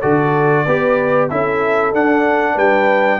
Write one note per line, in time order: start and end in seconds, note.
0.00 0.66 D3
0.00 0.66 F#4
0.00 0.64 A4
0.00 1.28 D5
0.65 1.30 B3
0.65 1.30 G4
0.65 1.29 B4
1.30 1.93 C#4
1.30 1.93 E4
1.30 2.54 A4
1.30 1.93 E5
1.93 3.20 D4
1.93 2.56 D4
1.93 2.58 F#5
2.54 3.20 G3
2.54 3.18 B4
2.54 3.20 G5